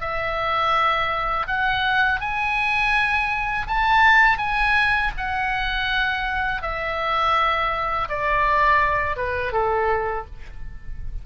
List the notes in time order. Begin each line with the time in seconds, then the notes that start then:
0.00 E5
1.47 F#5
2.21 G#5
3.67 A5
4.38 G#5
5.17 F#5
6.62 E5
8.09 D5
9.16 B4
9.53 A4